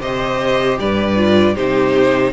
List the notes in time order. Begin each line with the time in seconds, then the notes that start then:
0.00 C3 G4 C5 D#5
0.79 G2 B4 D5
1.16 F4
1.54 C3 D#4 G4 C5